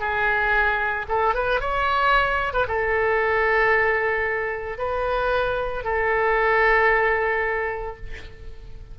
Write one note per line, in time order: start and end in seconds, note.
0.00 1.06 G#4
1.09 1.34 A4
1.34 1.60 B4
1.60 2.53 C#5
2.53 2.67 B4
2.68 4.78 A4
4.78 5.84 B4
5.84 7.97 A4